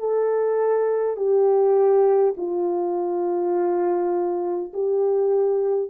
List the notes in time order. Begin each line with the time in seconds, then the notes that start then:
0.00 A4
1.17 G4
2.37 F4
4.74 G4